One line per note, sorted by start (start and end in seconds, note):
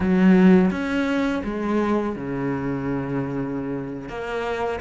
0.00 0.70 F#3
0.70 1.42 C#4
1.44 2.15 G#3
2.15 4.08 C#3
4.08 4.80 A#3